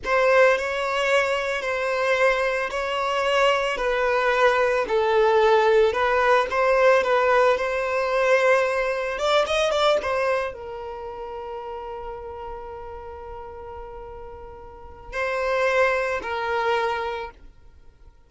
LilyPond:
\new Staff \with { instrumentName = "violin" } { \time 4/4 \tempo 4 = 111 c''4 cis''2 c''4~ | c''4 cis''2 b'4~ | b'4 a'2 b'4 | c''4 b'4 c''2~ |
c''4 d''8 dis''8 d''8 c''4 ais'8~ | ais'1~ | ais'1 | c''2 ais'2 | }